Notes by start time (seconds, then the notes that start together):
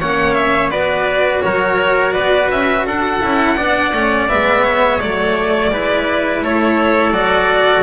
0.00 A#3 C#4 C#5 F#5
0.34 E5
0.71 B3 F#4 B4 D5
1.42 F#3 A#4 C#5
2.13 B3 B4 D5
2.51 C#4 E5
2.86 D4 A4 F#5
3.21 C#4 E4
3.57 B3 D4 D5
3.93 A3 C#4
4.29 G#3 B3 E5
4.64 C#5
5.00 F#3 A3 D5
5.71 G#3 E4 B4
6.43 A3 A4 C#5
7.11 F#3 F#4 D5